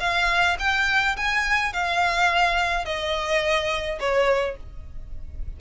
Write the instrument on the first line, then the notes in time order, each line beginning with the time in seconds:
violin
0.00 F5
0.59 G5
1.16 G#5
1.73 F5
2.85 D#5
3.99 C#5